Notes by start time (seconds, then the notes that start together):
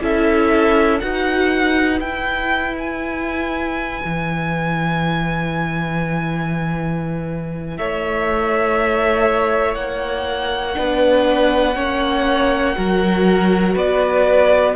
0.00 C#4 E4 A4 E5
0.99 D#4 F#4 B4 F#5
1.99 E4 G5
2.78 G#5
4.04 E3
7.77 A3 C#5 E5
9.74 A#3 F#5
10.75 B3 D4 B4
11.75 A#3 C#4 C#5
12.75 F#3 F#4 A#4
13.74 B3 B4 D5